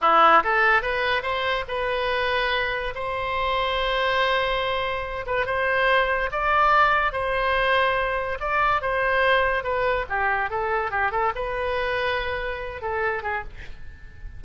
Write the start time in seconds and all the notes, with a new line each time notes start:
0.01 E4
0.43 A4
0.82 B4
1.22 C5
1.68 B4
2.94 C5
5.26 B4
5.46 C5
6.31 D5
7.12 C5
8.40 D5
8.81 C5
9.63 B4
10.09 G4
10.50 A4
10.90 G4
11.11 A4
11.35 B4
12.81 A4
13.22 G#4